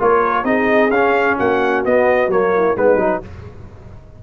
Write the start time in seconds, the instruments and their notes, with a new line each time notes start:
0.00 tuba A#3, trombone F4, horn A#4, trumpet C#5
0.44 tuba C4, trombone D#4, horn G#4, trumpet D#5
0.90 tuba C#4, trombone C#4, trumpet F5
1.37 tuba A#3, horn F#4, trumpet F#5
1.85 tuba B3, trombone B3, trumpet D#5
2.28 tuba F#3, trombone A#3, trumpet C#5
2.56 horn E4
2.76 tuba G#3, trombone B3, horn D#4, trumpet B4
2.95 tuba F#3, trombone D#4